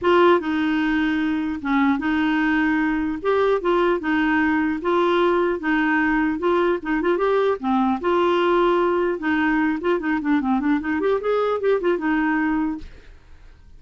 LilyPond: \new Staff \with { instrumentName = "clarinet" } { \time 4/4 \tempo 4 = 150 f'4 dis'2. | cis'4 dis'2. | g'4 f'4 dis'2 | f'2 dis'2 |
f'4 dis'8 f'8 g'4 c'4 | f'2. dis'4~ | dis'8 f'8 dis'8 d'8 c'8 d'8 dis'8 g'8 | gis'4 g'8 f'8 dis'2 | }